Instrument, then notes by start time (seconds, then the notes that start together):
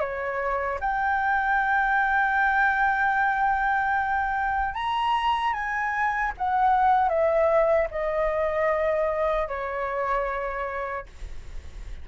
flute
0.00 C#5
0.80 G5
4.74 A#5
5.53 G#5
6.37 F#5
7.09 E5
7.91 D#5
9.48 C#5